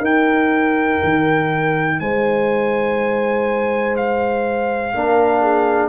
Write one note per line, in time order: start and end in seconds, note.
0.00 0.98 D#4
0.00 4.94 D#4
0.00 1.98 A#4
0.00 2.00 G5
1.04 2.01 D#3
2.00 4.94 G#3
2.00 4.97 C5
2.00 3.97 G#5
3.97 5.90 F5
4.94 5.90 A#3
4.94 5.90 D4
4.94 5.42 A#4
5.42 5.90 G#4